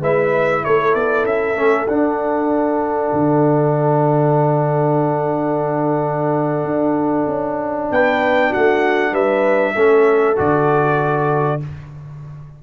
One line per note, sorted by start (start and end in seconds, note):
0.00 0.62 G#3
0.00 1.56 E4
0.00 0.63 B4
0.00 0.65 E5
0.65 0.95 A3
0.65 7.93 A4
0.65 0.95 C#5
0.95 1.24 B3
0.95 1.26 D5
1.24 1.55 C#4
1.24 1.88 E5
1.55 1.86 A3
1.55 1.87 C#4
1.88 3.11 D4
1.88 9.76 D4
1.88 7.91 F#5
3.13 6.64 D3
6.64 7.26 D4
7.27 7.89 C#4
7.91 8.53 B3
7.91 8.50 B4
7.91 8.53 G5
8.50 9.12 A3
8.50 9.12 F#4
8.50 9.15 F#5
9.12 9.74 G3
9.12 9.75 B4
9.12 10.38 E5
9.76 10.38 A3
9.76 10.36 C#4
9.76 11.61 A4
10.36 11.63 D3
10.36 11.60 F#4
10.36 11.62 D5